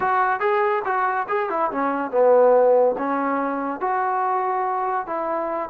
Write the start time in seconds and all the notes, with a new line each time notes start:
0.00 F#4
0.40 G#4
0.84 F#4
1.28 G#4
1.49 E4
1.71 C#4
2.11 B3
2.98 C#4
3.80 F#4
5.06 E4